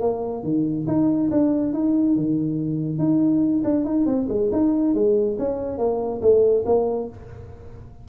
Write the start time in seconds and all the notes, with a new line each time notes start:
0.00 A#3
0.43 D#3
0.87 D#4
1.30 D4
1.73 D#4
2.16 D#3
2.98 D#4
3.64 D4
3.85 D#4
4.06 C4
4.29 G#3
4.52 D#4
4.94 G#3
5.38 C#4
5.78 A#3
6.21 A3
6.65 A#3